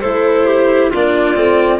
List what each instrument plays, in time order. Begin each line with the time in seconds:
0.00 tuba A3, cello E4, clarinet A4, violin C5
0.46 clarinet G4
0.90 tuba A#3, cello D4, clarinet F4, violin D5
1.35 tuba A3, cello C4